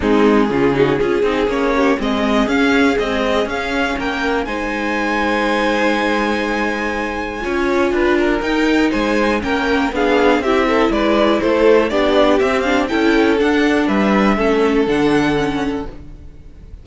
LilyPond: <<
  \new Staff \with { instrumentName = "violin" } { \time 4/4 \tempo 4 = 121 gis'2. cis''4 | dis''4 f''4 dis''4 f''4 | g''4 gis''2.~ | gis''1~ |
gis''4 g''4 gis''4 g''4 | f''4 e''4 d''4 c''4 | d''4 e''8 f''8 g''4 fis''4 | e''2 fis''2 | }
  \new Staff \with { instrumentName = "violin" } { \time 4/4 dis'4 f'8 fis'8 gis'4. g'8 | gis'1 | ais'4 c''2.~ | c''2. cis''4 |
b'8 ais'4. c''4 ais'4 | gis'4 g'8 a'8 b'4 a'4 | g'2 a'2 | b'4 a'2. | }
  \new Staff \with { instrumentName = "viola" } { \time 4/4 c'4 cis'8 dis'8 f'8 dis'8 cis'4 | c'4 cis'4 gis4 cis'4~ | cis'4 dis'2.~ | dis'2. f'4~ |
f'4 dis'2 cis'4 | d'4 e'2. | d'4 c'8 d'8 e'4 d'4~ | d'4 cis'4 d'4 cis'4 | }
  \new Staff \with { instrumentName = "cello" } { \time 4/4 gis4 cis4 cis'8 c'8 ais4 | gis4 cis'4 c'4 cis'4 | ais4 gis2.~ | gis2. cis'4 |
d'4 dis'4 gis4 ais4 | b4 c'4 gis4 a4 | b4 c'4 cis'4 d'4 | g4 a4 d2 | }
>>